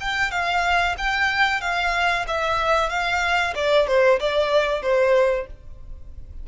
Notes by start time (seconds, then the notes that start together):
0.00 G5
0.30 F5
0.98 G5
1.60 F5
2.27 E5
2.89 F5
3.55 D5
3.87 C5
4.19 D5
4.82 C5